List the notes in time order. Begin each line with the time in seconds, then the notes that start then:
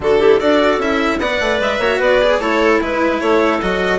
0.00 D3 D4 F#4 A4
0.19 E4 G4
0.39 D4 F#4 A4 D5
0.77 C#4 E4 E5
1.19 B3 B4 D5 F#5
1.40 A3
1.59 G#3 E5
1.78 A#3 F#4 C#5
1.99 B3 B4 D5
2.21 G#4
2.39 A3 E4 A4 C#5
2.81 G#3 E4 B4
3.20 A3 A4 C#5
3.61 F#3 F#4 D#5